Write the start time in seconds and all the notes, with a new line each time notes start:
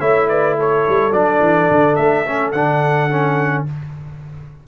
0.00 A3 E4 C#5 E5
0.29 B4 D5
0.59 A4 C#5
0.89 G3
1.12 F#3 D4 D5
1.40 E3
1.71 D3
1.96 A3 E5
2.27 C#4
2.52 D3 D4 F#5
3.11 C#4